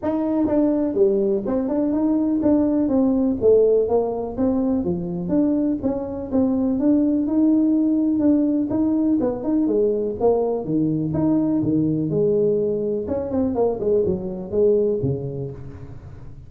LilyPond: \new Staff \with { instrumentName = "tuba" } { \time 4/4 \tempo 4 = 124 dis'4 d'4 g4 c'8 d'8 | dis'4 d'4 c'4 a4 | ais4 c'4 f4 d'4 | cis'4 c'4 d'4 dis'4~ |
dis'4 d'4 dis'4 b8 dis'8 | gis4 ais4 dis4 dis'4 | dis4 gis2 cis'8 c'8 | ais8 gis8 fis4 gis4 cis4 | }